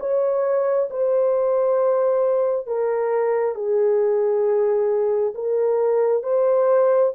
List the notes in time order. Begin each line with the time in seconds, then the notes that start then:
0.00 C#5
0.91 C5
2.67 A#4
3.55 G#4
5.35 A#4
6.24 C5